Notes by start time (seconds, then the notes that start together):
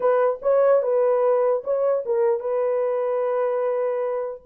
0.00 B4
0.42 C#5
0.82 B4
1.64 C#5
2.05 A#4
2.40 B4